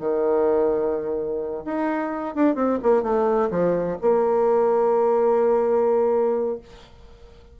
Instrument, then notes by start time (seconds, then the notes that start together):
bassoon
0.00 D#3
1.65 D#4
2.35 D4
2.55 C4
2.83 A#3
3.03 A3
3.51 F3
4.01 A#3